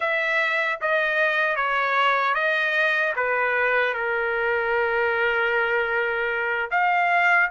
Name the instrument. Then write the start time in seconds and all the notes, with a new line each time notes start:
trumpet
0.00 E5
0.81 D#5
1.56 C#5
2.34 D#5
3.15 B4
3.93 A#4
6.70 F5